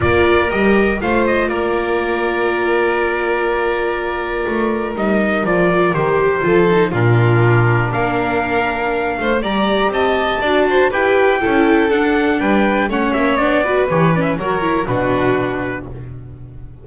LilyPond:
<<
  \new Staff \with { instrumentName = "trumpet" } { \time 4/4 \tempo 4 = 121 d''4 dis''4 f''8 dis''8 d''4~ | d''1~ | d''2 dis''4 d''4 | c''2 ais'2 |
f''2. ais''4 | a''2 g''2 | fis''4 g''4 fis''8 e''8 d''4 | cis''8 d''16 e''16 cis''4 b'2 | }
  \new Staff \with { instrumentName = "violin" } { \time 4/4 ais'2 c''4 ais'4~ | ais'1~ | ais'1~ | ais'4 a'4 f'2 |
ais'2~ ais'8 c''8 d''4 | dis''4 d''8 c''8 b'4 a'4~ | a'4 b'4 cis''4. b'8~ | b'4 ais'4 fis'2 | }
  \new Staff \with { instrumentName = "viola" } { \time 4/4 f'4 g'4 f'2~ | f'1~ | f'2 dis'4 f'4 | g'4 f'8 dis'8 d'2~ |
d'2. g'4~ | g'4 fis'4 g'4 e'4 | d'2 cis'4 d'8 fis'8 | g'8 cis'8 fis'8 e'8 d'2 | }
  \new Staff \with { instrumentName = "double bass" } { \time 4/4 ais4 g4 a4 ais4~ | ais1~ | ais4 a4 g4 f4 | dis4 f4 ais,2 |
ais2~ ais8 a8 g4 | c'4 d'4 e'4 cis'4 | d'4 g4 a8 ais8 b4 | e4 fis4 b,2 | }
>>